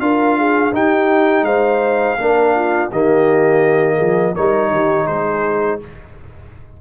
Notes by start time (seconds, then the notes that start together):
0.00 D4 F4 A#4 F5
0.38 G#4
0.73 D#4 G4 G5
1.42 G#3 C5 F5
2.19 A#3 D4 A#4
2.55 F4
2.91 D#3 A#3 G4 D#5
3.95 F3 G#4
4.34 G3 D#4 A#4 C#5
4.71 D#3 G4
5.06 G#3 G#4 C5